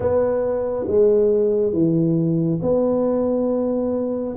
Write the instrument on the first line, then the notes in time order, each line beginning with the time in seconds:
tuba
0.00 B3
0.87 G#3
1.72 E3
2.62 B3